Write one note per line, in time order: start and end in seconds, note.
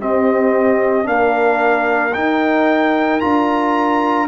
0.00 1.04 C4
0.00 1.07 C4
0.00 1.07 G4
0.00 1.08 D#5
1.04 2.14 A#3
1.04 2.11 D4
1.04 4.28 A#4
1.04 2.14 F5
2.14 3.22 D#4
2.14 3.21 D#4
2.14 3.20 G5
3.20 4.28 D4
3.20 4.28 F4
3.20 4.27 A#5